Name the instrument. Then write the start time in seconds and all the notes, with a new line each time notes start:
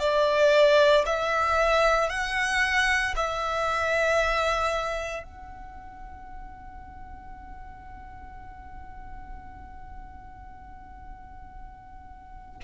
violin
0.00 D5
1.06 E5
2.10 F#5
3.16 E5
5.24 F#5